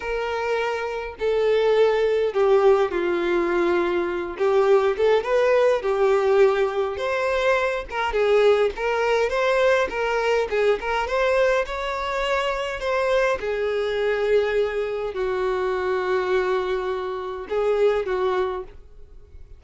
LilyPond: \new Staff \with { instrumentName = "violin" } { \time 4/4 \tempo 4 = 103 ais'2 a'2 | g'4 f'2~ f'8 g'8~ | g'8 a'8 b'4 g'2 | c''4. ais'8 gis'4 ais'4 |
c''4 ais'4 gis'8 ais'8 c''4 | cis''2 c''4 gis'4~ | gis'2 fis'2~ | fis'2 gis'4 fis'4 | }